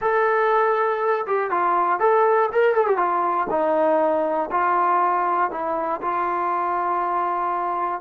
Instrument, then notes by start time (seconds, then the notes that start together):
trombone
0.01 A4
1.26 G4
1.50 F4
1.99 A4
2.52 A#4
2.74 A4
2.86 G4
2.97 F4
3.50 D#4
4.51 F4
5.50 E4
6.01 F4